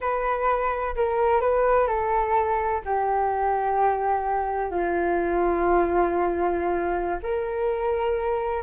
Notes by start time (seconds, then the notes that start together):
0.00 B4
0.95 A#4
1.40 B4
1.87 A4
2.85 G4
4.71 F4
7.22 A#4